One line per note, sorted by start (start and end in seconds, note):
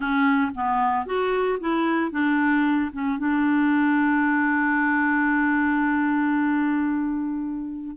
0.00 0.51 C#4
0.54 1.05 B3
1.05 1.59 F#4
1.60 2.11 E4
2.11 2.91 D4
2.92 3.18 C#4
3.18 7.96 D4